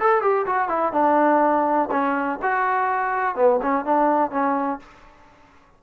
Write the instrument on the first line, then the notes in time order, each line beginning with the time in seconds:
trombone
0.00 A4
0.22 G4
0.46 F#4
0.69 E4
0.93 D4
1.92 C#4
2.42 F#4
3.36 B3
3.62 C#4
3.85 D4
4.32 C#4